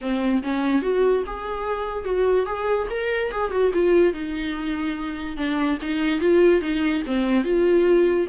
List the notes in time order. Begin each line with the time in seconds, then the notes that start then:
0.01 C4
0.42 C#4
0.82 F#4
1.26 G#4
2.04 F#4
2.46 G#4
2.90 A#4
3.31 G#4
3.51 F#4
3.73 F4
4.13 D#4
5.36 D4
5.81 D#4
6.20 F4
6.61 D#4
7.06 C4
7.44 F4